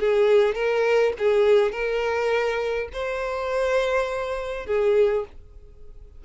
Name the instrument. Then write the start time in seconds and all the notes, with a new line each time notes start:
violin
0.00 G#4
0.55 A#4
1.19 G#4
1.72 A#4
2.93 C5
4.67 G#4